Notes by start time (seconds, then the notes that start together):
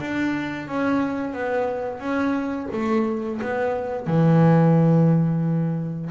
0.00 D4
0.68 C#4
1.33 B3
2.00 C#4
2.72 A3
3.42 B3
4.07 E3